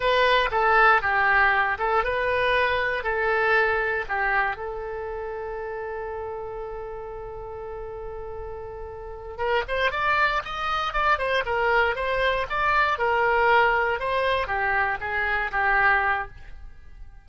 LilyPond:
\new Staff \with { instrumentName = "oboe" } { \time 4/4 \tempo 4 = 118 b'4 a'4 g'4. a'8 | b'2 a'2 | g'4 a'2.~ | a'1~ |
a'2~ a'8 ais'8 c''8 d''8~ | d''8 dis''4 d''8 c''8 ais'4 c''8~ | c''8 d''4 ais'2 c''8~ | c''8 g'4 gis'4 g'4. | }